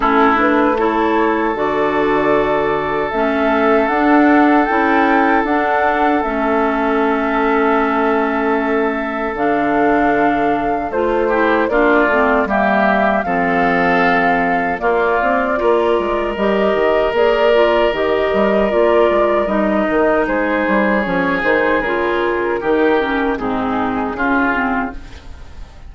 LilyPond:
<<
  \new Staff \with { instrumentName = "flute" } { \time 4/4 \tempo 4 = 77 a'8 b'8 cis''4 d''2 | e''4 fis''4 g''4 fis''4 | e''1 | f''2 c''4 d''4 |
e''4 f''2 d''4~ | d''4 dis''4 d''4 dis''4 | d''4 dis''4 c''4 cis''8 c''8 | ais'2 gis'2 | }
  \new Staff \with { instrumentName = "oboe" } { \time 4/4 e'4 a'2.~ | a'1~ | a'1~ | a'2~ a'8 g'8 f'4 |
g'4 a'2 f'4 | ais'1~ | ais'2 gis'2~ | gis'4 g'4 dis'4 f'4 | }
  \new Staff \with { instrumentName = "clarinet" } { \time 4/4 cis'8 d'8 e'4 fis'2 | cis'4 d'4 e'4 d'4 | cis'1 | d'2 f'8 e'8 d'8 c'8 |
ais4 c'2 ais4 | f'4 g'4 gis'8 f'8 g'4 | f'4 dis'2 cis'8 dis'8 | f'4 dis'8 cis'8 c'4 cis'8 c'8 | }
  \new Staff \with { instrumentName = "bassoon" } { \time 4/4 a2 d2 | a4 d'4 cis'4 d'4 | a1 | d2 a4 ais8 a8 |
g4 f2 ais8 c'8 | ais8 gis8 g8 dis8 ais4 dis8 g8 | ais8 gis8 g8 dis8 gis8 g8 f8 dis8 | cis4 dis4 gis,4 cis4 | }
>>